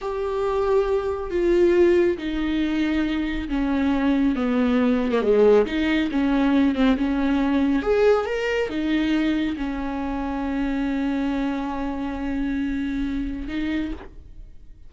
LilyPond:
\new Staff \with { instrumentName = "viola" } { \time 4/4 \tempo 4 = 138 g'2. f'4~ | f'4 dis'2. | cis'2 b4.~ b16 ais16 | gis4 dis'4 cis'4. c'8 |
cis'2 gis'4 ais'4 | dis'2 cis'2~ | cis'1~ | cis'2. dis'4 | }